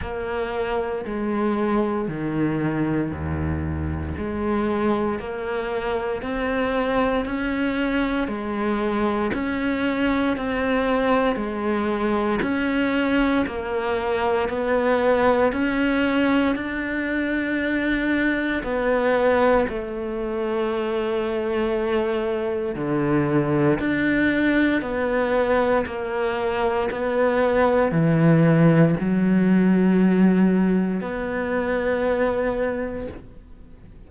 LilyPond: \new Staff \with { instrumentName = "cello" } { \time 4/4 \tempo 4 = 58 ais4 gis4 dis4 dis,4 | gis4 ais4 c'4 cis'4 | gis4 cis'4 c'4 gis4 | cis'4 ais4 b4 cis'4 |
d'2 b4 a4~ | a2 d4 d'4 | b4 ais4 b4 e4 | fis2 b2 | }